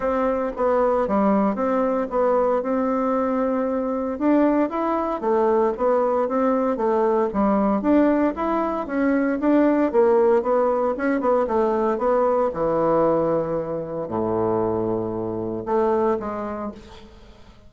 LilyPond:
\new Staff \with { instrumentName = "bassoon" } { \time 4/4 \tempo 4 = 115 c'4 b4 g4 c'4 | b4 c'2. | d'4 e'4 a4 b4 | c'4 a4 g4 d'4 |
e'4 cis'4 d'4 ais4 | b4 cis'8 b8 a4 b4 | e2. a,4~ | a,2 a4 gis4 | }